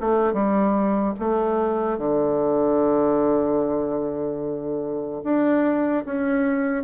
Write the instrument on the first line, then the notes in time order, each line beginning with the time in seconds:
bassoon
0.00 A3
0.33 G3
1.19 A3
1.98 D3
5.23 D4
6.05 C#4